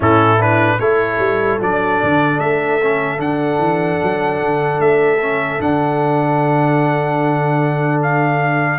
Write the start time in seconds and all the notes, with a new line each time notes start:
0.00 A2 C#4 E4 A4
0.39 D4 B4
0.79 A3 E4 A4 C#5
1.18 G3
1.60 F#3 D4 D5
2.02 D3
2.39 A3 E5
2.82 C#4
3.17 D3 D4 F#5
3.58 E3
4.03 F#3
4.40 D3
4.79 A3 E5
5.21 C#4
5.59 D3 D4 F#5
8.02 F5